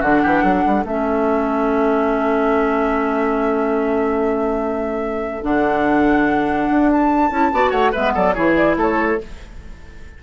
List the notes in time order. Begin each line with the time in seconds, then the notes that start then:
0.00 D3 D4 F#4 F#5
0.23 E3 G4
0.43 F#3 A4
0.66 G3
0.84 A3 C#4 E5
5.42 D3 D4 F#5
6.70 D4
6.92 A5
7.30 C#4 E4
7.52 B3 F#4 D5
7.70 A3 C#5 F#5
7.92 G#3 B3 B4 E5
8.15 F#3 A4 D5
8.34 E3 E4 G#4 C#5
8.56 D5
8.76 A3 A4 C#5